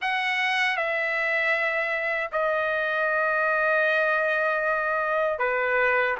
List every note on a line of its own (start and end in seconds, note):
0.01 0.76 F#5
0.76 2.30 E5
2.31 5.38 D#5
5.38 6.15 B4